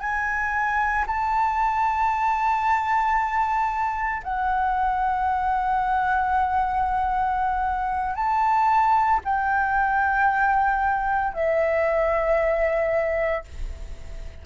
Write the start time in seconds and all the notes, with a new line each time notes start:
0.00 G#5
1.07 A5
4.23 F#5
8.15 A5
9.24 G5
11.34 E5